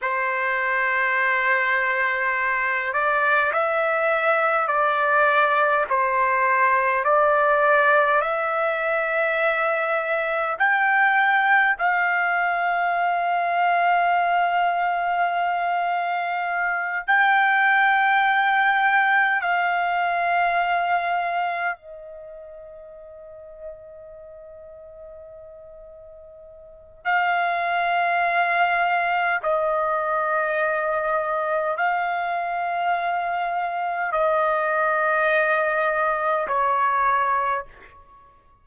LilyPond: \new Staff \with { instrumentName = "trumpet" } { \time 4/4 \tempo 4 = 51 c''2~ c''8 d''8 e''4 | d''4 c''4 d''4 e''4~ | e''4 g''4 f''2~ | f''2~ f''8 g''4.~ |
g''8 f''2 dis''4.~ | dis''2. f''4~ | f''4 dis''2 f''4~ | f''4 dis''2 cis''4 | }